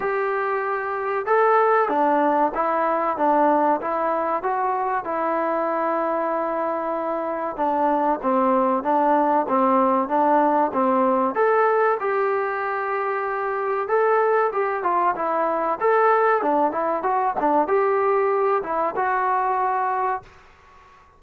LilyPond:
\new Staff \with { instrumentName = "trombone" } { \time 4/4 \tempo 4 = 95 g'2 a'4 d'4 | e'4 d'4 e'4 fis'4 | e'1 | d'4 c'4 d'4 c'4 |
d'4 c'4 a'4 g'4~ | g'2 a'4 g'8 f'8 | e'4 a'4 d'8 e'8 fis'8 d'8 | g'4. e'8 fis'2 | }